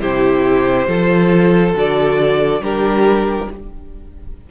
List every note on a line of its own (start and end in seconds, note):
0.00 0.87 C3
0.00 0.88 E4
0.00 0.88 G4
0.00 1.75 C5
0.87 1.74 F3
0.87 1.75 F4
0.87 2.62 A4
1.75 2.61 D3
1.75 2.62 F#4
1.75 2.64 D5
2.61 3.48 G3
2.61 3.49 D4
2.61 3.50 G4
2.61 3.51 A#4